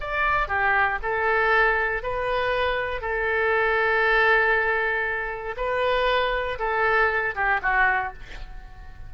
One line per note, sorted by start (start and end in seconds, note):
0.00 0.48 D5
0.48 0.98 G4
1.02 2.02 A4
2.02 3.01 B4
3.01 5.55 A4
5.56 6.58 B4
6.58 7.35 A4
7.35 7.60 G4
7.62 8.13 F#4